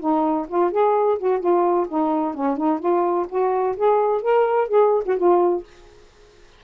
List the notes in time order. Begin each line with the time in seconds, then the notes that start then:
0.00 D#4
0.48 F4
0.72 G#4
1.19 F#4
1.40 F4
1.89 D#4
2.34 C#4
2.57 D#4
2.80 F4
3.29 F#4
3.77 G#4
4.22 A#4
4.68 G#4
5.06 F#4
5.17 F4